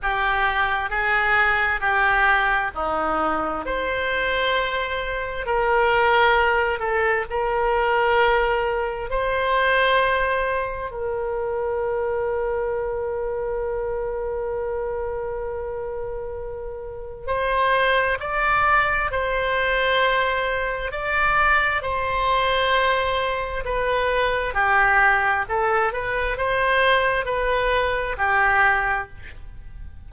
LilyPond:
\new Staff \with { instrumentName = "oboe" } { \time 4/4 \tempo 4 = 66 g'4 gis'4 g'4 dis'4 | c''2 ais'4. a'8 | ais'2 c''2 | ais'1~ |
ais'2. c''4 | d''4 c''2 d''4 | c''2 b'4 g'4 | a'8 b'8 c''4 b'4 g'4 | }